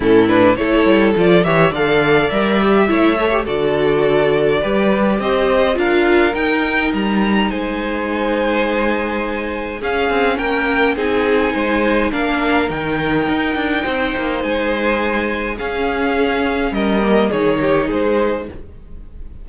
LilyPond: <<
  \new Staff \with { instrumentName = "violin" } { \time 4/4 \tempo 4 = 104 a'8 b'8 cis''4 d''8 e''8 f''4 | e''2 d''2~ | d''4 dis''4 f''4 g''4 | ais''4 gis''2.~ |
gis''4 f''4 g''4 gis''4~ | gis''4 f''4 g''2~ | g''4 gis''2 f''4~ | f''4 dis''4 cis''4 c''4 | }
  \new Staff \with { instrumentName = "violin" } { \time 4/4 e'4 a'4. cis''8 d''4~ | d''4 cis''4 a'2 | b'4 c''4 ais'2~ | ais'4 c''2.~ |
c''4 gis'4 ais'4 gis'4 | c''4 ais'2. | c''2. gis'4~ | gis'4 ais'4 gis'8 g'8 gis'4 | }
  \new Staff \with { instrumentName = "viola" } { \time 4/4 cis'8 d'8 e'4 f'8 g'8 a'4 | ais'8 g'8 e'8 a'16 g'16 fis'2 | g'2 f'4 dis'4~ | dis'1~ |
dis'4 cis'2 dis'4~ | dis'4 d'4 dis'2~ | dis'2. cis'4~ | cis'4. ais8 dis'2 | }
  \new Staff \with { instrumentName = "cello" } { \time 4/4 a,4 a8 g8 f8 e8 d4 | g4 a4 d2 | g4 c'4 d'4 dis'4 | g4 gis2.~ |
gis4 cis'8 c'8 ais4 c'4 | gis4 ais4 dis4 dis'8 d'8 | c'8 ais8 gis2 cis'4~ | cis'4 g4 dis4 gis4 | }
>>